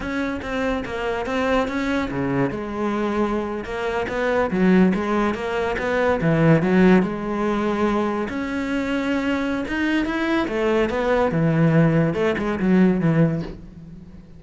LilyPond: \new Staff \with { instrumentName = "cello" } { \time 4/4 \tempo 4 = 143 cis'4 c'4 ais4 c'4 | cis'4 cis4 gis2~ | gis8. ais4 b4 fis4 gis16~ | gis8. ais4 b4 e4 fis16~ |
fis8. gis2. cis'16~ | cis'2. dis'4 | e'4 a4 b4 e4~ | e4 a8 gis8 fis4 e4 | }